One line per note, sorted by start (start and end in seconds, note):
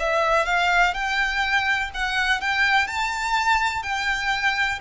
0.00 0.46 E5
0.46 0.94 F5
0.94 1.91 G5
1.94 2.41 F#5
2.41 2.88 G5
2.88 3.83 A5
3.83 4.80 G5